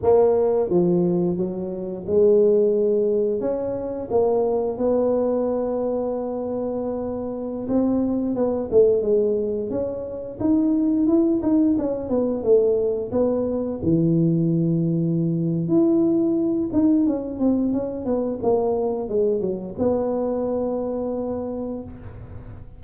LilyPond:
\new Staff \with { instrumentName = "tuba" } { \time 4/4 \tempo 4 = 88 ais4 f4 fis4 gis4~ | gis4 cis'4 ais4 b4~ | b2.~ b16 c'8.~ | c'16 b8 a8 gis4 cis'4 dis'8.~ |
dis'16 e'8 dis'8 cis'8 b8 a4 b8.~ | b16 e2~ e8. e'4~ | e'8 dis'8 cis'8 c'8 cis'8 b8 ais4 | gis8 fis8 b2. | }